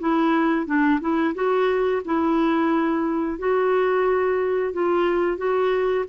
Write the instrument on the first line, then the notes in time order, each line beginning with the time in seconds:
clarinet
0.00 E4
0.66 D4
1.01 E4
1.35 F#4
2.05 E4
3.39 F#4
4.73 F4
5.38 F#4